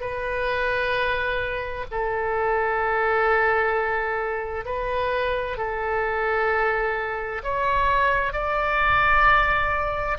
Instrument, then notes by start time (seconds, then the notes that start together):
oboe
0.00 B4
1.91 A4
4.65 B4
5.57 A4
7.43 C#5
8.32 D5